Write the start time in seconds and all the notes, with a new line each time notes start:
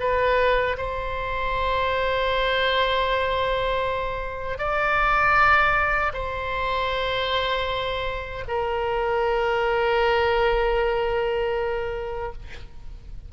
0.00 B4
0.78 C5
4.58 D5
6.14 C5
8.48 A#4